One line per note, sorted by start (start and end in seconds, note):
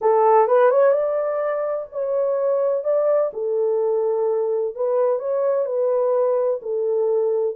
0.01 0.47 A4
0.47 0.70 B4
0.70 0.92 C#5
0.92 1.86 D5
1.91 2.83 C#5
2.83 3.31 D5
3.33 4.75 A4
4.75 5.19 B4
5.19 5.65 C#5
5.65 6.60 B4
6.62 7.55 A4